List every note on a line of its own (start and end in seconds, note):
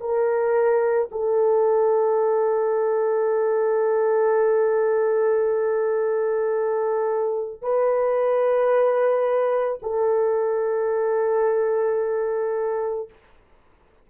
0.00 1.09 A#4
1.11 7.62 A4
7.62 9.80 B4
9.82 13.09 A4